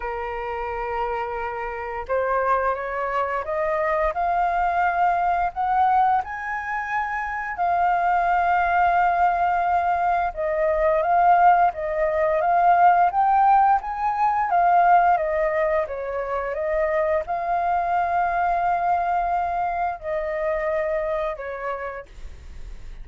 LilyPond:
\new Staff \with { instrumentName = "flute" } { \time 4/4 \tempo 4 = 87 ais'2. c''4 | cis''4 dis''4 f''2 | fis''4 gis''2 f''4~ | f''2. dis''4 |
f''4 dis''4 f''4 g''4 | gis''4 f''4 dis''4 cis''4 | dis''4 f''2.~ | f''4 dis''2 cis''4 | }